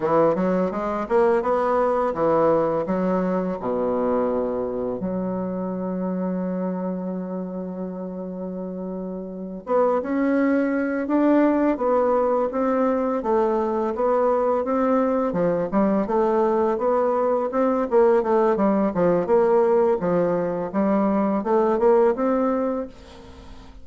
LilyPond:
\new Staff \with { instrumentName = "bassoon" } { \time 4/4 \tempo 4 = 84 e8 fis8 gis8 ais8 b4 e4 | fis4 b,2 fis4~ | fis1~ | fis4. b8 cis'4. d'8~ |
d'8 b4 c'4 a4 b8~ | b8 c'4 f8 g8 a4 b8~ | b8 c'8 ais8 a8 g8 f8 ais4 | f4 g4 a8 ais8 c'4 | }